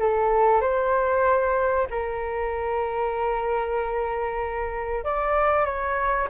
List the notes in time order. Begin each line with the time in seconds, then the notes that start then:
0.00 A4
0.61 C5
1.90 A#4
5.04 D5
5.65 C#5